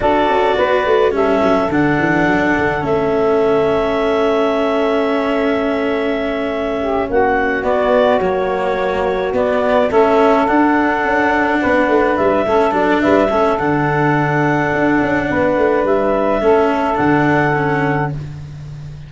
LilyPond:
<<
  \new Staff \with { instrumentName = "clarinet" } { \time 4/4 \tempo 4 = 106 d''2 e''4 fis''4~ | fis''4 e''2.~ | e''1~ | e''8 fis''4 d''4 cis''4.~ |
cis''8 d''4 e''4 fis''4.~ | fis''4. e''4 d''8 e''4 | fis''1 | e''2 fis''2 | }
  \new Staff \with { instrumentName = "saxophone" } { \time 4/4 a'4 b'4 a'2~ | a'1~ | a'1 | g'8 fis'2.~ fis'8~ |
fis'4. a'2~ a'8~ | a'8 b'4. a'4 b'8 a'8~ | a'2. b'4~ | b'4 a'2. | }
  \new Staff \with { instrumentName = "cello" } { \time 4/4 fis'2 cis'4 d'4~ | d'4 cis'2.~ | cis'1~ | cis'4. b4 ais4.~ |
ais8 b4 cis'4 d'4.~ | d'2 cis'8 d'4 cis'8 | d'1~ | d'4 cis'4 d'4 cis'4 | }
  \new Staff \with { instrumentName = "tuba" } { \time 4/4 d'8 cis'8 b8 a8 g8 fis8 d8 e8 | fis8 d8 a2.~ | a1~ | a8 ais4 b4 fis4.~ |
fis8 b4 a4 d'4 cis'8~ | cis'8 b8 a8 g8 a8 fis8 g8 a8 | d2 d'8 cis'8 b8 a8 | g4 a4 d2 | }
>>